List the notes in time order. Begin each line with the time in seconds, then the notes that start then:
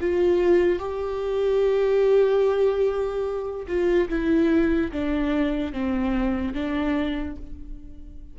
0.00 F4
0.78 G4
3.67 F4
4.09 E4
4.91 D4
5.72 C4
6.53 D4